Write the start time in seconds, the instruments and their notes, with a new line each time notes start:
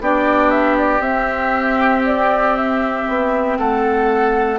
0.00 bassoon B3, clarinet D4, oboe G4, flute D5
0.50 flute E5
0.78 flute D5
1.00 bassoon C4, clarinet C4, flute E5
2.06 flute D5
2.56 flute E5
3.08 bassoon B3
3.58 bassoon A3, oboe A4, flute F#5